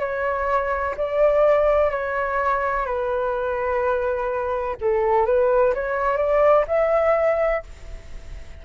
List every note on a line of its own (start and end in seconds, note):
0.00 0.95 C#5
0.97 1.91 D5
1.91 2.86 C#5
2.86 4.77 B4
4.81 5.26 A4
5.26 5.74 B4
5.74 6.17 C#5
6.17 6.65 D5
6.68 7.63 E5